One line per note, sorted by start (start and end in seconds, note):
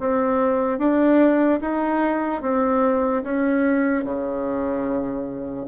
0.00 0.79 C4
0.79 1.60 D4
1.61 2.42 D#4
2.42 3.23 C4
3.23 4.04 C#4
4.04 5.66 C#3